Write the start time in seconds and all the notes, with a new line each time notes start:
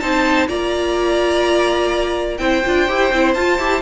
0.00 C4 D#4 C5 A5
0.47 A#3 F4 D5 A#5
2.38 C4 E4 C5 G5
2.65 D4 F4
2.88 E4 G4
3.12 C4 E4
3.34 F4 A5
3.58 E4 G4